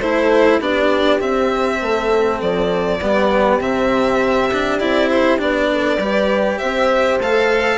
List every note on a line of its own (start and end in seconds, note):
0.00 0.60 A3
0.00 0.62 E4
0.00 0.60 A4
0.00 0.60 C5
0.60 1.20 B3
0.60 1.21 D4
0.60 1.81 G4
0.60 1.21 D5
1.21 3.01 C4
1.21 1.82 C4
1.21 2.41 E5
1.82 2.42 A3
1.82 3.02 A4
2.42 3.02 F3
2.42 3.62 D5
3.02 3.59 G3
3.02 3.61 B3
3.02 5.72 G4
3.59 4.79 C3
3.59 4.51 C4
3.59 4.79 E5
4.53 4.80 D4
4.79 5.41 C4
4.79 5.39 E4
4.79 5.09 D5
5.10 5.40 C5
5.39 5.99 B3
5.39 5.99 D4
5.39 6.58 D5
5.73 6.01 A4
5.99 6.59 G3
5.99 7.21 G4
5.99 6.59 B4
6.58 7.20 C4
6.58 7.78 C5
6.58 7.19 E5
7.20 7.78 A3
7.20 7.78 A4
7.20 7.78 F5